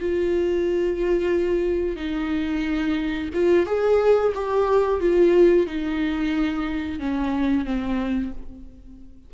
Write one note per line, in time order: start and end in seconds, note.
0.00 1.96 F4
1.96 3.29 D#4
3.34 3.66 F4
3.66 4.33 G#4
4.35 5.00 G4
5.00 5.66 F4
5.66 6.99 D#4
6.99 7.65 C#4
7.65 8.32 C4